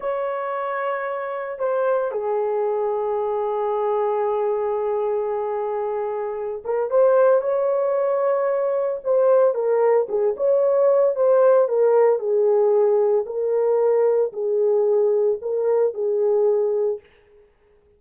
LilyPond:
\new Staff \with { instrumentName = "horn" } { \time 4/4 \tempo 4 = 113 cis''2. c''4 | gis'1~ | gis'1~ | gis'8 ais'8 c''4 cis''2~ |
cis''4 c''4 ais'4 gis'8 cis''8~ | cis''4 c''4 ais'4 gis'4~ | gis'4 ais'2 gis'4~ | gis'4 ais'4 gis'2 | }